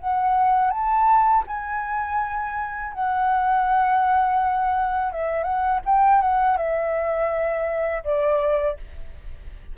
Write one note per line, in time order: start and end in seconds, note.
0.00 0.71 F#5
0.71 1.44 A5
1.48 2.94 G#5
2.94 5.13 F#5
5.13 5.44 E5
5.44 5.80 F#5
5.86 6.22 G5
6.22 6.58 F#5
6.58 8.04 E5
8.04 8.77 D5